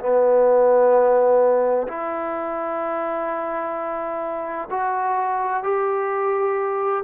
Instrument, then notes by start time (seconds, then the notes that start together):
trombone
0.00 B3
1.88 E4
4.71 F#4
5.63 G4